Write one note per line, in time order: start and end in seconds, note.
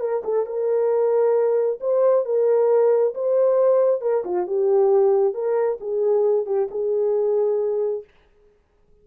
0.00 0.22 A#4
0.24 0.46 A4
0.46 1.79 A#4
1.80 2.25 C5
2.25 3.14 A#4
3.14 4.01 C5
4.01 4.23 A#4
4.24 4.47 F4
4.47 5.34 G4
5.34 5.78 A#4
5.80 6.46 G#4
6.46 6.68 G4
6.71 8.04 G#4